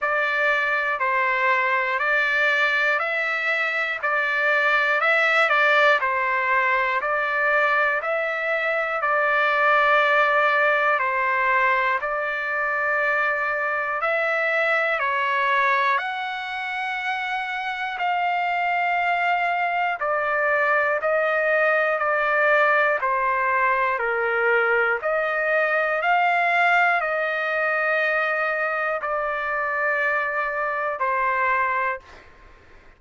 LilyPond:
\new Staff \with { instrumentName = "trumpet" } { \time 4/4 \tempo 4 = 60 d''4 c''4 d''4 e''4 | d''4 e''8 d''8 c''4 d''4 | e''4 d''2 c''4 | d''2 e''4 cis''4 |
fis''2 f''2 | d''4 dis''4 d''4 c''4 | ais'4 dis''4 f''4 dis''4~ | dis''4 d''2 c''4 | }